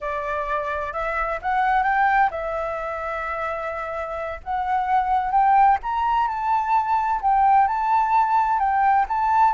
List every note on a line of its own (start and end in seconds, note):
0.01 0.92 D5
0.92 1.39 E5
1.41 1.83 F#5
1.83 2.29 G5
2.30 4.40 E5
4.43 5.31 F#5
5.31 5.77 G5
5.83 6.27 A#5
6.27 7.20 A5
7.21 7.67 G5
7.67 8.59 A5
8.59 9.05 G5
9.08 9.53 A5